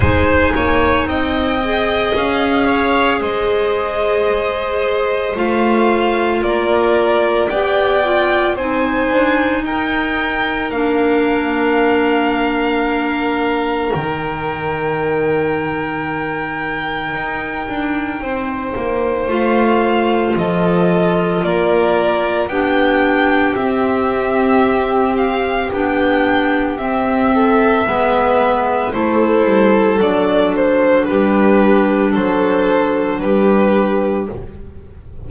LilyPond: <<
  \new Staff \with { instrumentName = "violin" } { \time 4/4 \tempo 4 = 56 gis''4 g''4 f''4 dis''4~ | dis''4 f''4 d''4 g''4 | gis''4 g''4 f''2~ | f''4 g''2.~ |
g''2 f''4 dis''4 | d''4 g''4 e''4. f''8 | g''4 e''2 c''4 | d''8 c''8 b'4 c''4 b'4 | }
  \new Staff \with { instrumentName = "violin" } { \time 4/4 c''8 cis''8 dis''4. cis''8 c''4~ | c''2 ais'4 d''4 | c''4 ais'2.~ | ais'1~ |
ais'4 c''2 a'4 | ais'4 g'2.~ | g'4. a'8 b'4 a'4~ | a'4 g'4 a'4 g'4 | }
  \new Staff \with { instrumentName = "clarinet" } { \time 4/4 dis'4. gis'2~ gis'8~ | gis'4 f'2 g'8 f'8 | dis'2 d'2~ | d'4 dis'2.~ |
dis'2 f'2~ | f'4 d'4 c'2 | d'4 c'4 b4 e'4 | d'1 | }
  \new Staff \with { instrumentName = "double bass" } { \time 4/4 gis8 ais8 c'4 cis'4 gis4~ | gis4 a4 ais4 b4 | c'8 d'8 dis'4 ais2~ | ais4 dis2. |
dis'8 d'8 c'8 ais8 a4 f4 | ais4 b4 c'2 | b4 c'4 gis4 a8 g8 | fis4 g4 fis4 g4 | }
>>